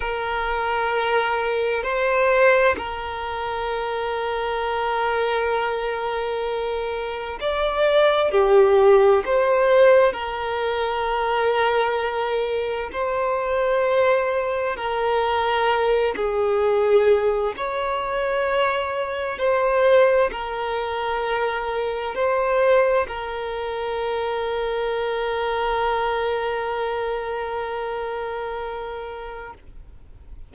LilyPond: \new Staff \with { instrumentName = "violin" } { \time 4/4 \tempo 4 = 65 ais'2 c''4 ais'4~ | ais'1 | d''4 g'4 c''4 ais'4~ | ais'2 c''2 |
ais'4. gis'4. cis''4~ | cis''4 c''4 ais'2 | c''4 ais'2.~ | ais'1 | }